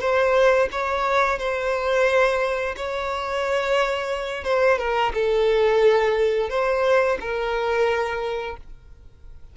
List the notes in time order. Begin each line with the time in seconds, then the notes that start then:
0.00 C5
0.71 C#5
1.39 C5
2.76 C#5
4.44 C5
4.78 A#4
5.14 A4
6.49 C5
7.20 A#4